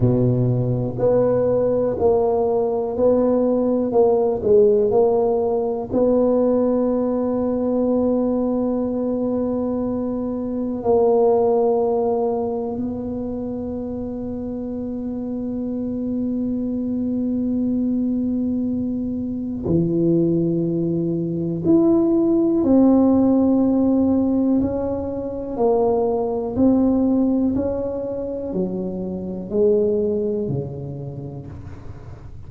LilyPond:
\new Staff \with { instrumentName = "tuba" } { \time 4/4 \tempo 4 = 61 b,4 b4 ais4 b4 | ais8 gis8 ais4 b2~ | b2. ais4~ | ais4 b2.~ |
b1 | e2 e'4 c'4~ | c'4 cis'4 ais4 c'4 | cis'4 fis4 gis4 cis4 | }